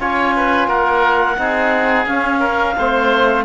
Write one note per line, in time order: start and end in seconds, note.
0.00 0.68 C#4
0.00 1.37 F4
0.00 0.35 C#5
0.00 0.69 G#5
0.36 0.68 B4
0.68 1.36 A#3
0.68 1.36 A#4
0.68 2.06 F#5
1.37 2.06 C4
1.37 2.06 D#4
1.37 2.40 G#4
2.06 2.75 C#4
2.06 2.76 C#4
2.06 3.45 F5
2.40 2.74 A#4
2.77 3.45 A3
2.77 3.45 C4
2.77 3.45 C5